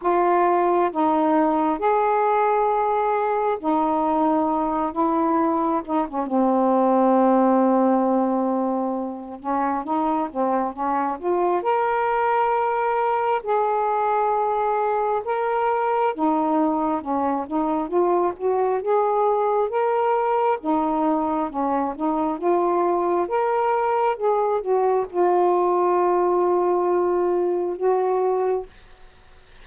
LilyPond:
\new Staff \with { instrumentName = "saxophone" } { \time 4/4 \tempo 4 = 67 f'4 dis'4 gis'2 | dis'4. e'4 dis'16 cis'16 c'4~ | c'2~ c'8 cis'8 dis'8 c'8 | cis'8 f'8 ais'2 gis'4~ |
gis'4 ais'4 dis'4 cis'8 dis'8 | f'8 fis'8 gis'4 ais'4 dis'4 | cis'8 dis'8 f'4 ais'4 gis'8 fis'8 | f'2. fis'4 | }